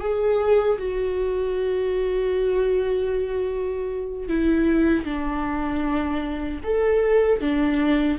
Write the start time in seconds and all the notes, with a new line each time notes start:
0.00 G#4
0.78 F#4
4.28 E4
5.05 D4
6.64 A4
7.41 D4